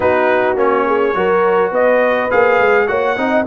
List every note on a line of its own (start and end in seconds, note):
0.00 0.56 B3
0.00 0.56 D#4
0.00 0.86 F#4
0.00 0.57 B4
0.56 1.13 A#3
0.56 1.14 C#4
0.56 1.73 C#5
0.86 1.15 G#4
1.14 1.71 F#3
1.14 2.29 F#4
1.14 1.71 A#4
1.71 2.29 B3
1.71 2.87 B4
1.71 2.30 D#5
2.30 2.60 A#3
2.30 2.87 G#4
2.30 2.87 F5
2.60 2.88 G#3
2.87 3.17 A#3
2.87 3.16 F#4
2.87 3.17 C#5
2.87 3.45 F#5
3.16 3.46 C4
3.16 3.45 D#4
3.16 3.46 D#5